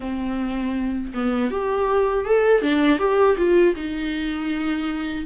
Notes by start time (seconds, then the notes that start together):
0.00 C4
1.14 B3
1.50 G4
2.25 A4
2.61 D4
2.99 G4
3.37 F4
3.75 D#4